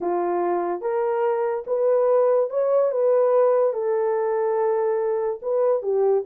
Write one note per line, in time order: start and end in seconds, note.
0.00 0.81 F4
0.81 1.64 A#4
1.66 2.49 B4
2.49 2.91 C#5
2.91 3.73 B4
3.73 5.39 A4
5.42 5.82 B4
5.82 6.24 G4